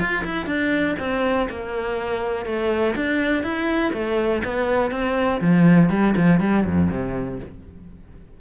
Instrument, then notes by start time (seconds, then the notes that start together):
cello
0.00 F4
0.25 E4
0.46 D4
1.00 C4
1.50 A#3
2.46 A3
2.96 D4
3.44 E4
3.94 A3
4.45 B3
4.91 C4
5.41 F3
5.90 G3
6.17 F3
6.40 G3
6.65 F2
6.91 C3